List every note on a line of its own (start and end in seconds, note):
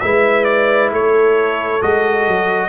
0.00 0.92 G#3
0.00 1.80 E4
0.00 0.93 B4
0.00 0.44 E5
0.44 0.89 D5
0.92 1.81 A3
0.92 2.68 A4
0.92 1.82 C#5
1.80 2.27 G#3
1.80 2.68 F#4
1.80 2.68 D#5
2.27 2.68 F#3